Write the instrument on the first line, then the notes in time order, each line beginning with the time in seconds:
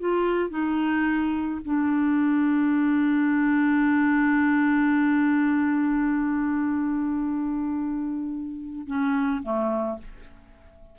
clarinet
0.00 F4
0.50 D#4
1.65 D4
8.87 C#4
9.43 A3